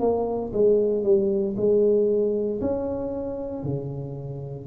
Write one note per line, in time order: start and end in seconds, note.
0.00 0.52 A#3
0.54 1.04 G#3
1.04 1.56 G3
1.57 2.61 G#3
2.61 3.64 C#4
3.64 4.67 C#3